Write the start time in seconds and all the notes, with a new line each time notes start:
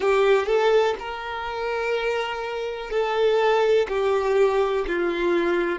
0.00 G4
0.46 A4
0.99 A#4
2.90 A4
3.88 G4
4.87 F4